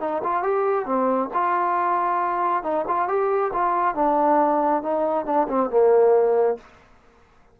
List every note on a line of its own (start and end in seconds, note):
0.00 0.22 D#4
0.23 0.43 F4
0.43 0.85 G4
0.85 1.29 C4
1.34 2.63 F4
2.63 2.85 D#4
2.87 3.08 F4
3.08 3.52 G4
3.53 3.95 F4
3.95 4.82 D4
4.82 5.25 D#4
5.25 5.47 D4
5.48 5.70 C4
5.70 6.58 A#3